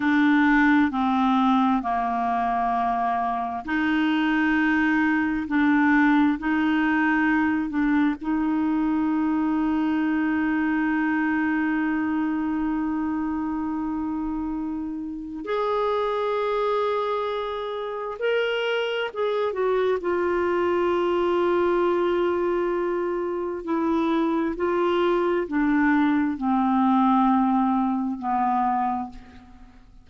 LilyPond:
\new Staff \with { instrumentName = "clarinet" } { \time 4/4 \tempo 4 = 66 d'4 c'4 ais2 | dis'2 d'4 dis'4~ | dis'8 d'8 dis'2.~ | dis'1~ |
dis'4 gis'2. | ais'4 gis'8 fis'8 f'2~ | f'2 e'4 f'4 | d'4 c'2 b4 | }